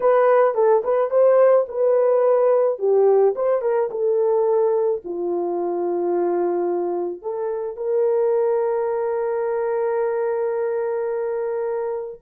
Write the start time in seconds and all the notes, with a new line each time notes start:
0.00 B4
0.54 A4
0.84 B4
1.10 C5
1.68 B4
2.79 G4
3.35 C5
3.61 A#4
3.90 A4
5.04 F4
7.22 A4
7.76 A#4